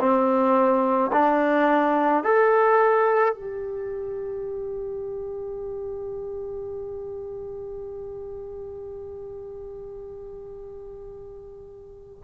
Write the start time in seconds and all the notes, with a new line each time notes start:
0.00 C4
1.13 D4
2.24 A4
3.35 G4